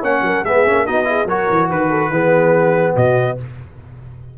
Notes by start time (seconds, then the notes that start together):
0.00 A#3 C#4 C#5 F#5
0.21 F#3 A#4
0.44 G#3 B3 G#4 E5
0.66 A#3 C#4
0.86 B3 D#4 F#4 D#5
1.05 E4 G#4
1.25 F#3 F#4 A#4 C#5
1.50 E3
1.69 D#3 B4
1.90 A4
2.09 E3 B3 G#4
2.95 B2 F#4 D#5